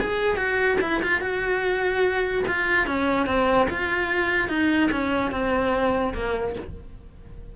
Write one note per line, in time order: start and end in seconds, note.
0.00 0.37 G#4
0.37 0.78 F#4
0.81 1.02 E4
1.03 1.21 F4
1.21 2.44 F#4
2.48 2.87 F4
2.87 3.27 C#4
3.27 3.68 C4
3.70 4.49 F4
4.49 4.90 D#4
4.91 5.31 C#4
5.31 6.14 C4
6.14 6.55 A#3